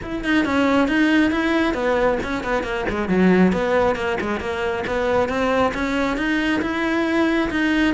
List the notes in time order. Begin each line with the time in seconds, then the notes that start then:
0.02 E4
0.24 D#4
0.45 C#4
0.88 D#4
1.31 E4
1.73 B3
2.23 C#4
2.43 B3
2.63 A#3
2.89 G#3
3.08 F#3
3.52 B3
3.95 A#3
4.20 G#3
4.40 A#3
4.86 B3
5.28 C4
5.74 C#4
6.17 D#4
6.61 E4
7.50 D#4